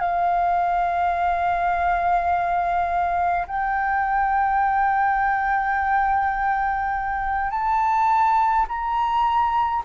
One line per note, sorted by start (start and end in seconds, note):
0.00 3.46 F5
3.47 7.51 G5
7.51 8.66 A5
8.68 9.83 A#5